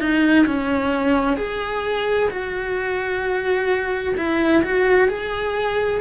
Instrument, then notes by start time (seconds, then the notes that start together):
cello
0.00 D#4
0.47 C#4
1.37 G#4
2.30 F#4
4.17 E4
4.63 F#4
5.08 G#4